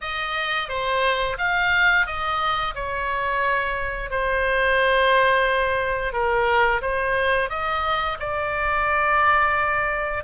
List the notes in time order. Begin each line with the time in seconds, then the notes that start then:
0.01 D#5
0.68 C5
1.38 F5
2.06 D#5
2.75 C#5
4.10 C5
6.12 A#4
6.81 C5
7.49 D#5
8.19 D5